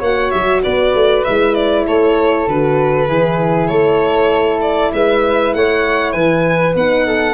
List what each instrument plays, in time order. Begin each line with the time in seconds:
0.00 tuba A#3, horn F#4, flute C#5, violin F#5
0.31 tuba F#3, violin E5
0.64 tuba B3, flute B4, violin D5
0.95 tuba A3
1.24 tuba G#3, horn E4, violin E5
1.55 violin D5
1.86 tuba A3, flute A4, violin C#5
2.48 tuba D3, horn F#4, violin B4
3.09 tuba E3, horn E4, flute G#4
3.68 tuba A3, flute A4, violin C#5
4.62 violin D5
4.93 tuba G#3, flute B4, violin E5
5.54 tuba A3, flute C#5, violin F#5
6.12 tuba E3, flute B4, violin G#5
6.75 tuba B3, horn D#4, violin F#5
7.06 flute A4